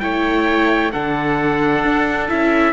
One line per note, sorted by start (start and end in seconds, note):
0.00 0.93 A3
0.00 0.92 E4
0.00 0.92 C#5
0.00 0.91 G5
0.92 1.84 D3
0.92 2.28 D4
0.92 2.73 A4
0.92 2.28 F#5
1.84 2.30 D4
2.28 2.73 C#4
2.28 2.73 E4
2.28 2.73 E5